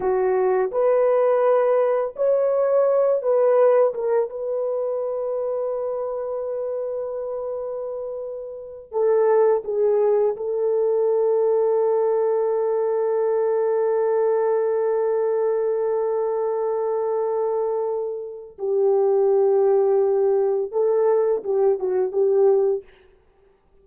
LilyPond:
\new Staff \with { instrumentName = "horn" } { \time 4/4 \tempo 4 = 84 fis'4 b'2 cis''4~ | cis''8 b'4 ais'8 b'2~ | b'1~ | b'8 a'4 gis'4 a'4.~ |
a'1~ | a'1~ | a'2 g'2~ | g'4 a'4 g'8 fis'8 g'4 | }